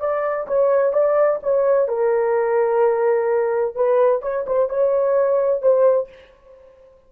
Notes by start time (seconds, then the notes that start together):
0.00 D5
0.47 C#5
0.93 D5
1.43 C#5
1.88 A#4
3.75 B4
4.22 C#5
4.47 C5
4.70 C#5
5.62 C5